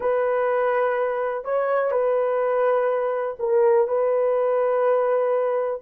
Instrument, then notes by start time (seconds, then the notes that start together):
horn
0.00 B4
1.44 C#5
1.91 B4
3.39 A#4
3.87 B4